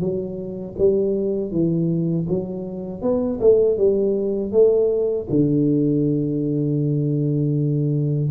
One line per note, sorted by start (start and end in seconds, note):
0.00 0.75 F#3
0.78 1.51 G3
1.51 2.26 E3
2.29 3.02 F#3
3.02 3.39 B3
3.41 3.77 A3
3.77 4.52 G3
4.52 5.27 A3
5.30 8.30 D3